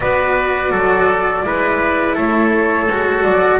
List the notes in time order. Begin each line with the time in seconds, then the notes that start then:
0.00 B3 F#4 B4 D5
0.71 F#3 A4
1.43 G#3 E4 B4
2.14 A3 A4 C#5
2.88 G#3 F#4
3.23 F#3 D5